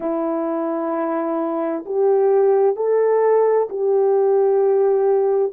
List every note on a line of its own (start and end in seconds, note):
0.00 1.84 E4
1.85 2.76 G4
2.76 3.68 A4
3.69 5.53 G4